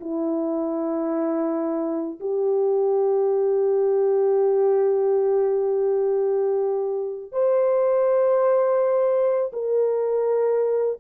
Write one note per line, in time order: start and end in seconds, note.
0.00 2.20 E4
2.20 7.32 G4
7.32 9.51 C5
9.53 10.99 A#4